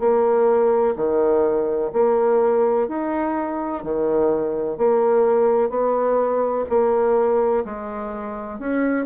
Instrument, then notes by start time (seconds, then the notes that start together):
bassoon
0.00 A#3
0.97 D#3
1.93 A#3
2.88 D#4
3.83 D#3
4.78 A#3
5.70 B3
6.69 A#3
7.65 G#3
8.59 C#4